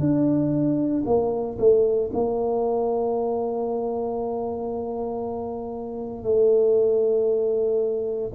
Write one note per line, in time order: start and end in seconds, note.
0.00 1.03 D4
1.06 1.58 A#3
1.58 2.10 A3
2.13 6.24 A#3
6.24 8.30 A3